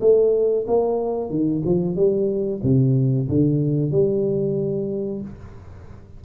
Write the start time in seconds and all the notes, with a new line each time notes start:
0.00 A3
0.67 A#3
1.30 D#3
1.65 F3
1.95 G3
2.63 C3
3.28 D3
3.91 G3